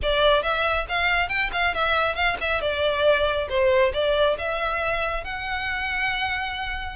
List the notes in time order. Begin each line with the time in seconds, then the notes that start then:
0.02 D5
0.42 E5
0.88 F5
1.28 G5
1.52 F5
1.74 E5
2.15 F5
2.41 E5
2.61 D5
3.49 C5
3.93 D5
4.38 E5
5.24 F#5